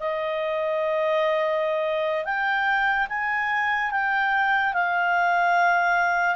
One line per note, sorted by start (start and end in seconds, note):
0.00 2.25 D#5
2.25 3.07 G5
3.09 3.91 G#5
3.91 4.73 G5
4.73 6.35 F5